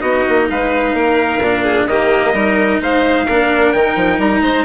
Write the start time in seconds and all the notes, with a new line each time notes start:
0.00 B3 D#4 F#4 D#5
0.29 A#3
0.50 G#3 B4 F5
0.93 A#3 A#4
1.39 A#2 D4
1.64 G#4
1.87 D#3 A#3 G4 D#5
2.34 G3 D#4 A#4
2.81 G#3 C5 F5
3.25 A#3 D4 A#4
3.72 D#3 D#4 G5
3.96 F3
4.19 G3 A#5
4.42 G#3 C5